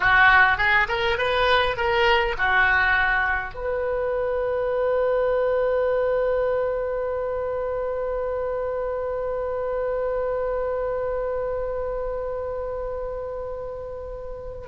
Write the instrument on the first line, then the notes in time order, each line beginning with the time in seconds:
oboe
0.00 F#4
0.57 G#4
0.88 A#4
1.18 B4
1.76 A#4
2.38 F#4
3.54 B4